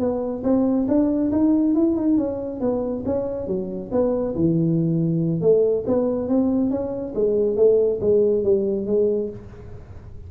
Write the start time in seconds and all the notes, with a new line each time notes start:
0.00 B3
0.44 C4
0.89 D4
1.32 D#4
1.75 E4
1.97 D#4
2.18 C#4
2.61 B3
3.06 C#4
3.47 F#3
3.92 B3
4.36 E3
5.42 A3
5.87 B3
6.29 C4
6.71 C#4
7.15 G#3
7.57 A3
8.01 G#3
8.44 G3
8.87 G#3